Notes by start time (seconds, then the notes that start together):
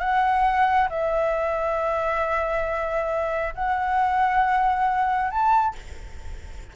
0.00 F#5
0.90 E5
3.55 F#5
5.31 A5